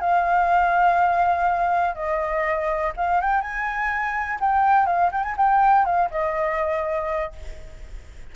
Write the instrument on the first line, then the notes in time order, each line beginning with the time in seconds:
flute
0.00 F5
1.95 D#5
2.97 F5
3.21 G5
3.41 G#5
4.40 G5
4.86 F5
5.12 G5
5.23 G#5
5.37 G5
5.85 F5
6.11 D#5